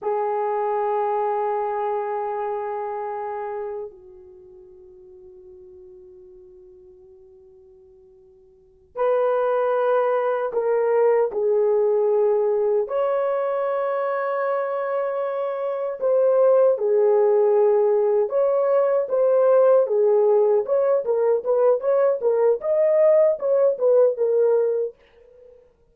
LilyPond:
\new Staff \with { instrumentName = "horn" } { \time 4/4 \tempo 4 = 77 gis'1~ | gis'4 fis'2.~ | fis'2.~ fis'8 b'8~ | b'4. ais'4 gis'4.~ |
gis'8 cis''2.~ cis''8~ | cis''8 c''4 gis'2 cis''8~ | cis''8 c''4 gis'4 cis''8 ais'8 b'8 | cis''8 ais'8 dis''4 cis''8 b'8 ais'4 | }